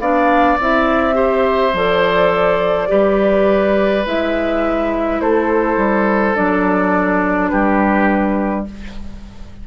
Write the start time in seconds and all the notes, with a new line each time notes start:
0.00 B3 D4 D5 F5
0.60 C4 E4 E5
1.14 G4 C5
1.74 F3 A4 D5
2.88 G3 G4 B4
4.06 G#3 E4 E5
5.20 A3 A4 C5
5.77 G3
6.35 F#3 D4 D5
7.49 G3 G4 B4